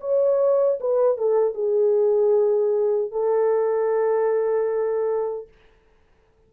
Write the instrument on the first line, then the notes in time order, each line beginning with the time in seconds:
horn
0.00 C#5
0.80 B4
1.17 A4
1.54 G#4
3.11 A4